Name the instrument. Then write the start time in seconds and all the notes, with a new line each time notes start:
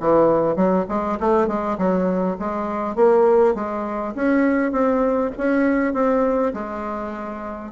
bassoon
0.00 E3
0.56 F#3
0.89 G#3
1.20 A3
1.48 G#3
1.78 F#3
2.39 G#3
2.96 A#3
3.55 G#3
4.16 C#4
4.72 C4
5.38 C#4
5.94 C4
6.53 G#3